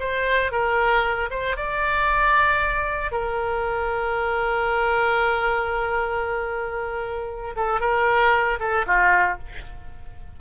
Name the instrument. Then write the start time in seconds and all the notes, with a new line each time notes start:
oboe
0.00 C5
0.52 A#4
1.31 C5
1.57 D5
3.12 A#4
7.56 A4
7.81 A#4
8.60 A4
8.86 F4